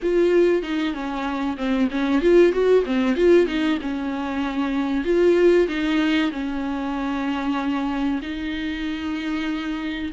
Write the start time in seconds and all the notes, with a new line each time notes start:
0.02 F4
0.62 D#4
0.93 C#4
1.57 C4
1.90 C#4
2.21 F4
2.52 F#4
2.85 C4
3.16 F4
3.47 D#4
3.81 C#4
5.04 F4
5.68 D#4
6.31 C#4
8.21 D#4